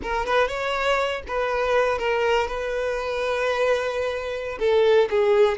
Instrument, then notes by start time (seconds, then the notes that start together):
violin
0.02 A#4
0.26 B4
0.48 C#5
1.27 B4
1.98 A#4
2.47 B4
4.59 A4
5.09 G#4